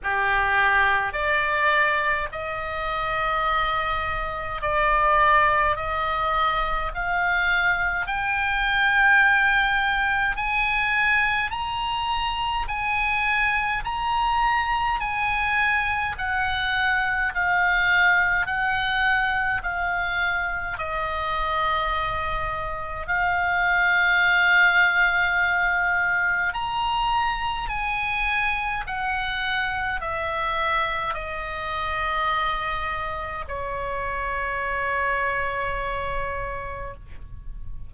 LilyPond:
\new Staff \with { instrumentName = "oboe" } { \time 4/4 \tempo 4 = 52 g'4 d''4 dis''2 | d''4 dis''4 f''4 g''4~ | g''4 gis''4 ais''4 gis''4 | ais''4 gis''4 fis''4 f''4 |
fis''4 f''4 dis''2 | f''2. ais''4 | gis''4 fis''4 e''4 dis''4~ | dis''4 cis''2. | }